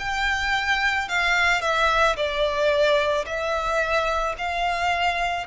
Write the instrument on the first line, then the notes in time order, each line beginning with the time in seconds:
violin
0.00 G5
1.09 F5
1.62 E5
2.17 D5
3.27 E5
4.39 F5